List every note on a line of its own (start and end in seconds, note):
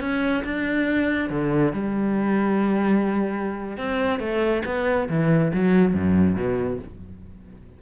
0.00 0.43 C#4
0.44 1.29 D4
1.29 1.72 D3
1.72 3.77 G3
3.77 4.19 C4
4.19 4.62 A3
4.65 5.08 B3
5.08 5.52 E3
5.53 5.94 F#3
5.94 6.35 F#2
6.35 6.78 B2